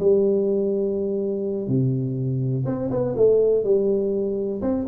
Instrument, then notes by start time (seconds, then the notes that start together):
tuba
0.00 G3
1.68 C3
2.66 C4
2.91 B3
3.17 A3
3.64 G3
4.62 C4